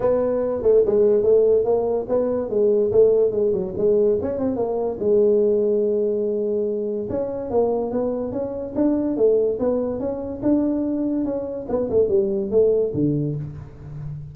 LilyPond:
\new Staff \with { instrumentName = "tuba" } { \time 4/4 \tempo 4 = 144 b4. a8 gis4 a4 | ais4 b4 gis4 a4 | gis8 fis8 gis4 cis'8 c'8 ais4 | gis1~ |
gis4 cis'4 ais4 b4 | cis'4 d'4 a4 b4 | cis'4 d'2 cis'4 | b8 a8 g4 a4 d4 | }